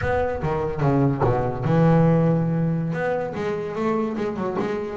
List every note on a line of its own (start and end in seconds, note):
0.01 0.41 B3
0.42 0.81 D#3
0.81 1.21 C#3
1.23 1.64 B2
1.64 2.93 E3
2.93 3.33 B3
3.34 3.75 G#3
3.75 4.15 A3
4.16 4.36 G#3
4.36 4.56 F#3
4.59 4.96 G#3